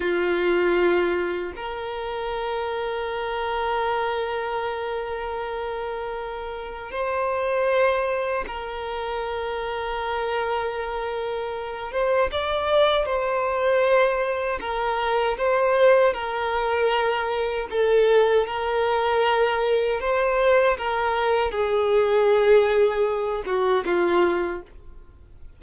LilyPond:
\new Staff \with { instrumentName = "violin" } { \time 4/4 \tempo 4 = 78 f'2 ais'2~ | ais'1~ | ais'4 c''2 ais'4~ | ais'2.~ ais'8 c''8 |
d''4 c''2 ais'4 | c''4 ais'2 a'4 | ais'2 c''4 ais'4 | gis'2~ gis'8 fis'8 f'4 | }